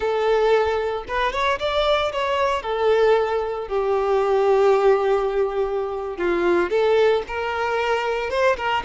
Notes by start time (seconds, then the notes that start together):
0.00 A4
1.08 B4
1.32 C#5
1.59 D5
2.12 C#5
2.62 A4
3.68 G4
6.17 F4
6.70 A4
7.27 A#4
8.29 C5
8.56 A#4